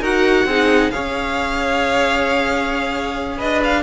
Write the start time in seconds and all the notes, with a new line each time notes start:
0.00 D#4 F#4 A#4 F#5
0.45 C4 D#4 G#4
0.90 C#4 G#4 C#5 F5
3.37 D4 B4 D#5
3.64 F5